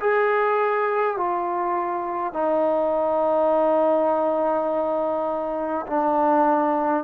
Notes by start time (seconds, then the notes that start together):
0.00 G#4
1.17 F4
2.33 D#4
5.87 D4